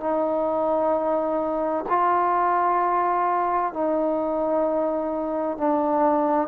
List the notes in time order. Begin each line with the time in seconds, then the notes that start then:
0.00 D#4
1.89 F4
3.73 D#4
5.57 D4